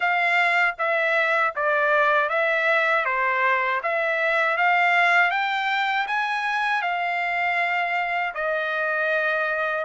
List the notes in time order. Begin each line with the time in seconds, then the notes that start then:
0.00 F5
0.78 E5
1.55 D5
2.29 E5
3.05 C5
3.83 E5
4.57 F5
5.30 G5
6.07 G#5
6.81 F5
8.34 D#5